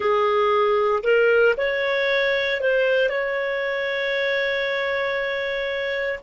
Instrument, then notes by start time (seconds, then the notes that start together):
clarinet
0.00 G#4
1.03 A#4
1.57 C#5
2.61 C5
3.09 C#5